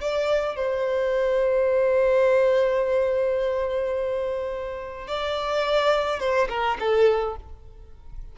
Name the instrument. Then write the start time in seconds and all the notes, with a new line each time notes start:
violin
0.00 D5
0.56 C5
5.07 D5
6.19 C5
6.49 A#4
6.79 A4